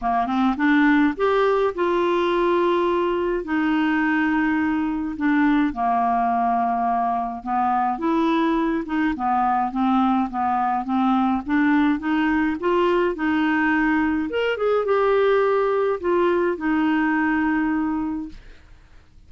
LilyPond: \new Staff \with { instrumentName = "clarinet" } { \time 4/4 \tempo 4 = 105 ais8 c'8 d'4 g'4 f'4~ | f'2 dis'2~ | dis'4 d'4 ais2~ | ais4 b4 e'4. dis'8 |
b4 c'4 b4 c'4 | d'4 dis'4 f'4 dis'4~ | dis'4 ais'8 gis'8 g'2 | f'4 dis'2. | }